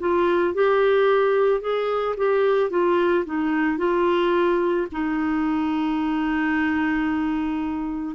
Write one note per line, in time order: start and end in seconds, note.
0.00 0.54 F4
0.54 1.61 G4
1.61 2.16 G#4
2.17 2.70 G4
2.70 3.25 F4
3.25 3.78 D#4
3.78 4.87 F4
4.92 8.15 D#4